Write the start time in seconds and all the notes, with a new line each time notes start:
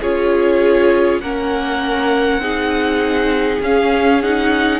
0.00 C#4 F4 G#4 C#5
1.21 A#3 C#4 A#4 F#5
2.38 C4 D#4 G#4
3.60 C#4 F5
4.22 D#4 F#5